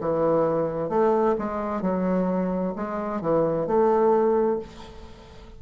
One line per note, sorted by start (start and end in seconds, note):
0.00 0.89 E3
0.89 1.35 A3
1.38 1.81 G#3
1.81 2.74 F#3
2.75 3.21 G#3
3.21 3.67 E3
3.67 4.59 A3